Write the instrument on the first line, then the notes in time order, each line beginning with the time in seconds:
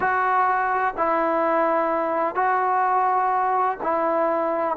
trombone
0.00 F#4
0.97 E4
2.35 F#4
3.83 E4